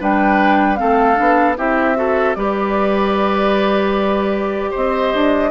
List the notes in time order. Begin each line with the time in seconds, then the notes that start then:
0.00 G3 D4 B4 G5
0.76 C4 A4 F5
0.82 A3
1.15 B3 D4
1.57 C4 E4 G4 E5
1.96 F#4 A4
2.34 G3 G4 B4 D5
4.71 C4 C5 D#5
5.14 D4